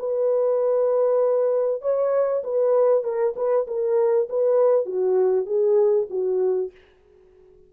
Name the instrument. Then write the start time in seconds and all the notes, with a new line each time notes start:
horn
0.00 B4
1.82 C#5
2.44 B4
3.04 A#4
3.36 B4
3.68 A#4
4.30 B4
4.86 F#4
5.47 G#4
6.11 F#4